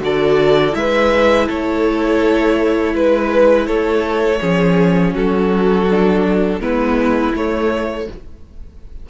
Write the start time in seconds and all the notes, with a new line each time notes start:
0.00 D3 F#4 A4 D5
0.72 G#3 E4 B4 E5
1.47 A3 A4 C#5
2.94 G#3 B4
3.66 A3 A4 C#5
4.39 F3 C#4 G#4
5.14 F#3 F#4 A4
5.90 D4
6.59 G#3 B3 E4 B4
7.34 A3 C#5